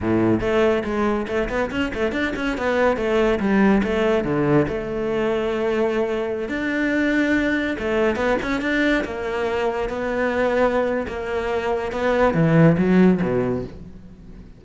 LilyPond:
\new Staff \with { instrumentName = "cello" } { \time 4/4 \tempo 4 = 141 a,4 a4 gis4 a8 b8 | cis'8 a8 d'8 cis'8 b4 a4 | g4 a4 d4 a4~ | a2.~ a16 d'8.~ |
d'2~ d'16 a4 b8 cis'16~ | cis'16 d'4 ais2 b8.~ | b2 ais2 | b4 e4 fis4 b,4 | }